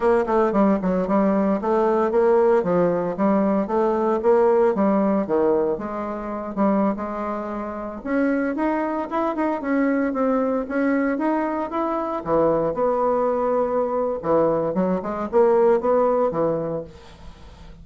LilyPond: \new Staff \with { instrumentName = "bassoon" } { \time 4/4 \tempo 4 = 114 ais8 a8 g8 fis8 g4 a4 | ais4 f4 g4 a4 | ais4 g4 dis4 gis4~ | gis8 g8. gis2 cis'8.~ |
cis'16 dis'4 e'8 dis'8 cis'4 c'8.~ | c'16 cis'4 dis'4 e'4 e8.~ | e16 b2~ b8. e4 | fis8 gis8 ais4 b4 e4 | }